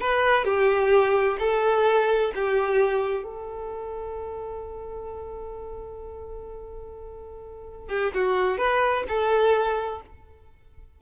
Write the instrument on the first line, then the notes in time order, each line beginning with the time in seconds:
violin
0.00 B4
0.44 G4
1.39 A4
2.35 G4
3.23 A4
7.88 G4
8.14 F#4
8.58 B4
9.08 A4